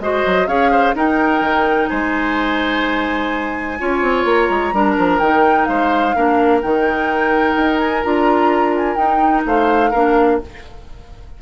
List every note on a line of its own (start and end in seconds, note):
0.00 0.24 G#3
0.00 0.47 F#4
0.00 0.48 C5
0.00 0.47 D#5
0.26 0.47 F#3
0.47 0.94 C#4
0.47 0.94 G#4
0.47 0.71 C#5
0.47 0.94 F5
0.71 0.95 C5
0.95 1.41 D#4
0.95 3.79 D#4
0.95 1.90 A#4
0.95 1.89 G5
1.41 1.88 D#3
1.89 3.81 G#3
1.89 3.79 C5
1.89 4.25 G#5
3.79 4.02 C#4
3.79 4.73 F4
3.79 4.75 C#5
4.02 4.25 C4
4.25 4.49 A#3
4.25 5.19 A#5
4.50 4.73 G#3
4.73 4.97 G3
4.73 5.21 D4
4.73 5.69 A#4
4.98 5.20 F3
5.19 5.68 D#3
5.19 6.15 D#4
5.19 5.66 G5
5.66 6.15 G#3
5.66 6.16 C5
5.66 6.60 F5
6.15 6.63 A#3
6.15 6.62 D4
6.15 9.47 A#4
6.62 7.56 D#3
6.62 8.03 D#4
6.62 7.79 G5
7.56 8.04 D#4
7.79 8.03 G#5
8.03 8.97 D4
8.03 8.97 F4
8.03 8.75 A#5
8.77 8.95 G#5
8.95 9.44 D#4
8.95 9.92 D#4
8.95 9.43 G5
9.46 9.93 A3
9.46 9.90 C5
9.46 10.42 F5
9.90 10.41 A#3
9.90 10.42 D4
9.90 10.38 A#4